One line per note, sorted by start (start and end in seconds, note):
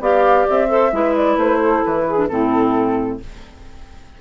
0.00 0.45 B3
0.00 0.68 G4
0.00 0.69 D5
0.00 0.48 F5
0.49 0.92 C4
0.49 1.15 E5
0.68 0.91 A4
0.68 0.93 C5
0.92 1.36 G#3
0.92 2.15 E4
0.92 1.59 B4
1.15 1.38 D5
1.36 1.82 A3
1.36 1.84 C5
1.59 2.04 A4
1.84 2.29 E3
1.84 2.28 B4
2.07 2.29 G#4
2.15 2.27 D4
2.28 3.20 A2
2.28 3.21 C4
2.28 3.20 E4
2.28 3.19 A4